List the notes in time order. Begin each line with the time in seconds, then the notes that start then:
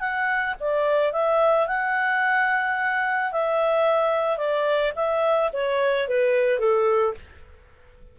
0.00 F#5
0.60 D5
1.13 E5
1.67 F#5
3.32 E5
4.37 D5
4.96 E5
5.53 C#5
6.08 B4
6.59 A4